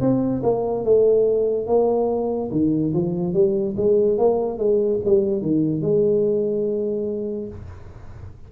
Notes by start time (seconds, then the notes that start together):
0.00 C4
0.42 A#3
0.84 A3
1.67 A#3
2.51 D#3
2.94 F3
3.33 G3
3.77 G#3
4.18 A#3
4.58 G#3
5.05 G3
5.41 D#3
5.81 G#3